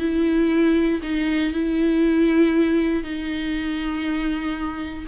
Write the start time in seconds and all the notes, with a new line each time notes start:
0.00 E4
1.03 D#4
1.54 E4
3.04 D#4